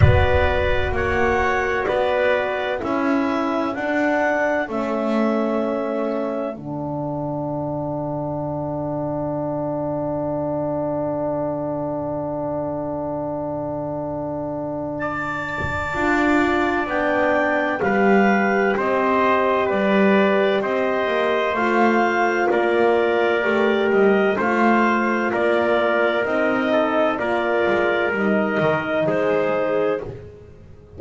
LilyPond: <<
  \new Staff \with { instrumentName = "clarinet" } { \time 4/4 \tempo 4 = 64 d''4 fis''4 d''4 e''4 | fis''4 e''2 fis''4~ | fis''1~ | fis''1 |
a''2 g''4 f''4 | dis''4 d''4 dis''4 f''4 | d''4. dis''8 f''4 d''4 | dis''4 d''4 dis''4 c''4 | }
  \new Staff \with { instrumentName = "trumpet" } { \time 4/4 b'4 cis''4 b'4 a'4~ | a'1~ | a'1~ | a'1 |
d''2. b'4 | c''4 b'4 c''2 | ais'2 c''4 ais'4~ | ais'8 a'8 ais'2 gis'4 | }
  \new Staff \with { instrumentName = "horn" } { \time 4/4 fis'2. e'4 | d'4 cis'2 d'4~ | d'1~ | d'1~ |
d'4 f'4 d'4 g'4~ | g'2. f'4~ | f'4 g'4 f'2 | dis'4 f'4 dis'2 | }
  \new Staff \with { instrumentName = "double bass" } { \time 4/4 b4 ais4 b4 cis'4 | d'4 a2 d4~ | d1~ | d1~ |
d4 d'4 b4 g4 | c'4 g4 c'8 ais8 a4 | ais4 a8 g8 a4 ais4 | c'4 ais8 gis8 g8 dis8 gis4 | }
>>